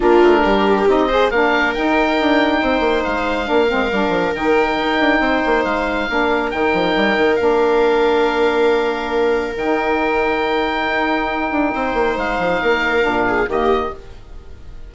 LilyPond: <<
  \new Staff \with { instrumentName = "oboe" } { \time 4/4 \tempo 4 = 138 ais'2 dis''4 f''4 | g''2. f''4~ | f''2 g''2~ | g''4 f''2 g''4~ |
g''4 f''2.~ | f''2 g''2~ | g''1 | f''2. dis''4 | }
  \new Staff \with { instrumentName = "viola" } { \time 4/4 f'4 g'4. c''8 ais'4~ | ais'2 c''2 | ais'1 | c''2 ais'2~ |
ais'1~ | ais'1~ | ais'2. c''4~ | c''4 ais'4. gis'8 g'4 | }
  \new Staff \with { instrumentName = "saxophone" } { \time 4/4 d'2 dis'8 gis'8 d'4 | dis'1 | d'8 c'8 d'4 dis'2~ | dis'2 d'4 dis'4~ |
dis'4 d'2.~ | d'2 dis'2~ | dis'1~ | dis'2 d'4 ais4 | }
  \new Staff \with { instrumentName = "bassoon" } { \time 4/4 ais8 a8 g4 c'4 ais4 | dis'4 d'4 c'8 ais8 gis4 | ais8 gis8 g8 f8 dis4 dis'8 d'8 | c'8 ais8 gis4 ais4 dis8 f8 |
g8 dis8 ais2.~ | ais2 dis2~ | dis4 dis'4. d'8 c'8 ais8 | gis8 f8 ais4 ais,4 dis4 | }
>>